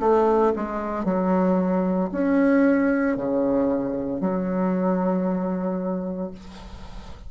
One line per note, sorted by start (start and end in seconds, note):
0.00 0.53 A3
0.56 1.05 G#3
1.05 2.10 F#3
2.12 3.17 C#4
3.17 4.21 C#3
4.21 6.31 F#3